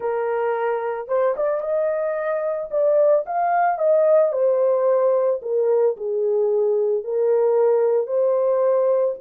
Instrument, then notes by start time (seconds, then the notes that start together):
horn
0.00 A#4
1.07 C5
1.36 D5
1.61 D#5
2.70 D5
3.26 F5
3.78 D#5
4.32 C5
5.42 A#4
5.97 G#4
7.04 A#4
8.06 C5